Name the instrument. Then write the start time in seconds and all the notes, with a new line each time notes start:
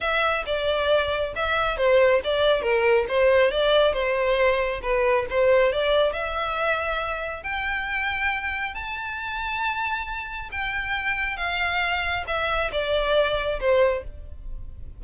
violin
0.00 E5
0.46 D5
1.35 E5
1.77 C5
2.24 D5
2.62 A#4
3.08 C5
3.51 D5
3.93 C5
4.82 B4
5.30 C5
5.72 D5
6.13 E5
7.43 G5
8.74 A5
10.51 G5
11.36 F5
12.27 E5
12.72 D5
13.59 C5